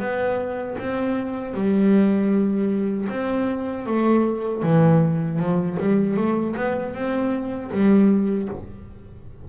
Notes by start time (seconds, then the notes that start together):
0.00 B3
0.78 C4
1.54 G3
3.09 C4
3.86 A3
4.63 E3
5.40 F3
5.80 G3
6.17 A3
6.56 B3
6.94 C4
7.72 G3